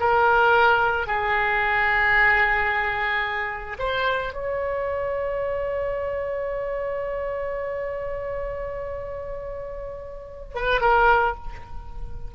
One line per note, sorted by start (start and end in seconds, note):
0.00 1.07 A#4
1.07 3.77 G#4
3.79 4.33 C5
4.33 10.55 C#5
10.55 10.81 B4
10.81 11.35 A#4